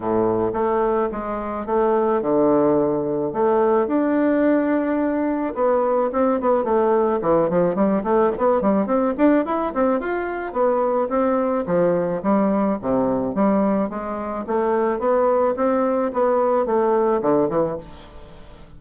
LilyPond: \new Staff \with { instrumentName = "bassoon" } { \time 4/4 \tempo 4 = 108 a,4 a4 gis4 a4 | d2 a4 d'4~ | d'2 b4 c'8 b8 | a4 e8 f8 g8 a8 b8 g8 |
c'8 d'8 e'8 c'8 f'4 b4 | c'4 f4 g4 c4 | g4 gis4 a4 b4 | c'4 b4 a4 d8 e8 | }